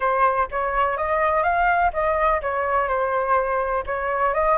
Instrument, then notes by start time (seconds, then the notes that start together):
flute
0.00 C5
0.51 C#5
0.97 D#5
1.43 F5
1.93 D#5
2.41 C#5
2.88 C5
3.86 C#5
4.33 D#5